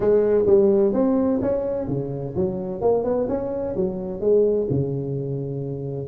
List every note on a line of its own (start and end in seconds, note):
0.00 0.44 G#3
0.46 0.93 G3
0.93 1.40 C4
1.42 1.87 C#4
1.87 2.34 C#3
2.36 2.81 F#3
2.81 3.04 A#3
3.04 3.27 B3
3.28 3.75 C#4
3.76 4.20 F#3
4.20 4.67 G#3
4.70 6.08 C#3